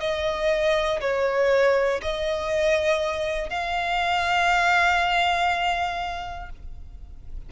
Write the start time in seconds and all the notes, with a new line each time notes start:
0.00 D#5
1.01 C#5
2.02 D#5
3.50 F5